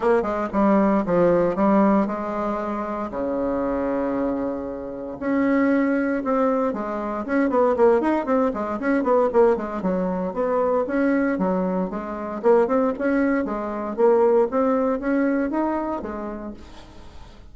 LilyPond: \new Staff \with { instrumentName = "bassoon" } { \time 4/4 \tempo 4 = 116 ais8 gis8 g4 f4 g4 | gis2 cis2~ | cis2 cis'2 | c'4 gis4 cis'8 b8 ais8 dis'8 |
c'8 gis8 cis'8 b8 ais8 gis8 fis4 | b4 cis'4 fis4 gis4 | ais8 c'8 cis'4 gis4 ais4 | c'4 cis'4 dis'4 gis4 | }